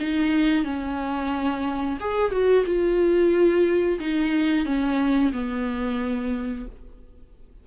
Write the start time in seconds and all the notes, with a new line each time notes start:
0.00 D#4
0.65 C#4
2.00 G#4
2.32 F#4
2.66 F4
4.00 D#4
4.65 C#4
5.33 B3